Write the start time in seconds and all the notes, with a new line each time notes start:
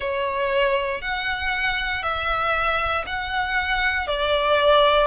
0.00 C#5
1.01 F#5
2.02 E5
3.06 F#5
4.07 D5